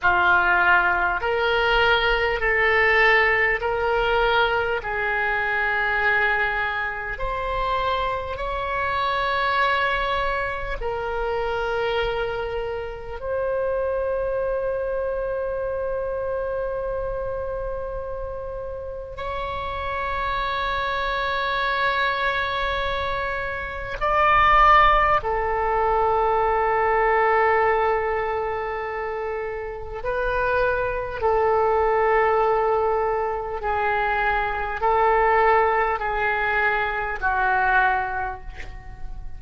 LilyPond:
\new Staff \with { instrumentName = "oboe" } { \time 4/4 \tempo 4 = 50 f'4 ais'4 a'4 ais'4 | gis'2 c''4 cis''4~ | cis''4 ais'2 c''4~ | c''1 |
cis''1 | d''4 a'2.~ | a'4 b'4 a'2 | gis'4 a'4 gis'4 fis'4 | }